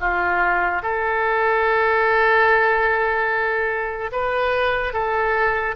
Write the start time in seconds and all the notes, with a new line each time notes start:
0.00 F4
0.82 A4
4.12 B4
4.93 A4